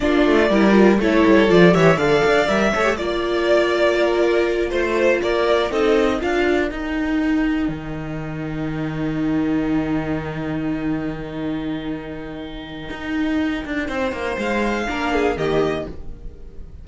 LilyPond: <<
  \new Staff \with { instrumentName = "violin" } { \time 4/4 \tempo 4 = 121 d''2 cis''4 d''8 e''8 | f''4 e''4 d''2~ | d''4. c''4 d''4 dis''8~ | dis''8 f''4 g''2~ g''8~ |
g''1~ | g''1~ | g''1~ | g''4 f''2 dis''4 | }
  \new Staff \with { instrumentName = "violin" } { \time 4/4 f'4 ais'4 a'4. cis''8 | d''4. cis''8 d''2 | ais'4. c''4 ais'4 a'8~ | a'8 ais'2.~ ais'8~ |
ais'1~ | ais'1~ | ais'1 | c''2 ais'8 gis'8 g'4 | }
  \new Staff \with { instrumentName = "viola" } { \time 4/4 d'4 e'8 f'8 e'4 f'8 g'8 | a'4 ais'8 a'16 g'16 f'2~ | f'2.~ f'8 dis'8~ | dis'8 f'4 dis'2~ dis'8~ |
dis'1~ | dis'1~ | dis'1~ | dis'2 d'4 ais4 | }
  \new Staff \with { instrumentName = "cello" } { \time 4/4 ais8 a8 g4 a8 g8 f8 e8 | d8 d'8 g8 a8 ais2~ | ais4. a4 ais4 c'8~ | c'8 d'4 dis'2 dis8~ |
dis1~ | dis1~ | dis2 dis'4. d'8 | c'8 ais8 gis4 ais4 dis4 | }
>>